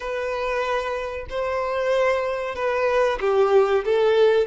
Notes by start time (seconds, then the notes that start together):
0.00 B4
1.29 C5
2.55 B4
3.20 G4
3.84 A4